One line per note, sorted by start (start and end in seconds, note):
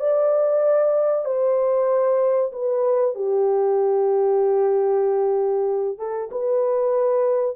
0.00 1.25 D5
1.25 2.52 C5
2.52 3.15 B4
3.15 5.98 G4
5.98 6.30 A4
6.32 7.56 B4